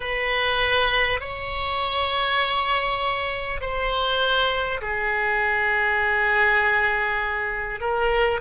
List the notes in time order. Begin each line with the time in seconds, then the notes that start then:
0.00 B4
1.20 C#5
3.61 C5
4.81 G#4
7.80 A#4